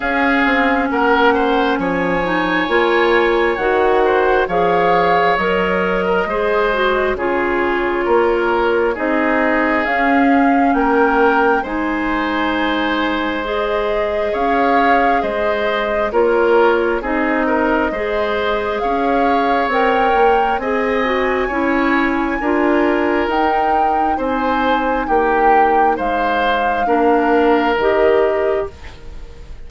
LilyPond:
<<
  \new Staff \with { instrumentName = "flute" } { \time 4/4 \tempo 4 = 67 f''4 fis''4 gis''2 | fis''4 f''4 dis''2 | cis''2 dis''4 f''4 | g''4 gis''2 dis''4 |
f''4 dis''4 cis''4 dis''4~ | dis''4 f''4 g''4 gis''4~ | gis''2 g''4 gis''4 | g''4 f''2 dis''4 | }
  \new Staff \with { instrumentName = "oboe" } { \time 4/4 gis'4 ais'8 c''8 cis''2~ | cis''8 c''8 cis''4.~ cis''16 ais'16 c''4 | gis'4 ais'4 gis'2 | ais'4 c''2. |
cis''4 c''4 ais'4 gis'8 ais'8 | c''4 cis''2 dis''4 | cis''4 ais'2 c''4 | g'4 c''4 ais'2 | }
  \new Staff \with { instrumentName = "clarinet" } { \time 4/4 cis'2~ cis'8 dis'8 f'4 | fis'4 gis'4 ais'4 gis'8 fis'8 | f'2 dis'4 cis'4~ | cis'4 dis'2 gis'4~ |
gis'2 f'4 dis'4 | gis'2 ais'4 gis'8 fis'8 | e'4 f'4 dis'2~ | dis'2 d'4 g'4 | }
  \new Staff \with { instrumentName = "bassoon" } { \time 4/4 cis'8 c'8 ais4 f4 ais4 | dis4 f4 fis4 gis4 | cis4 ais4 c'4 cis'4 | ais4 gis2. |
cis'4 gis4 ais4 c'4 | gis4 cis'4 c'8 ais8 c'4 | cis'4 d'4 dis'4 c'4 | ais4 gis4 ais4 dis4 | }
>>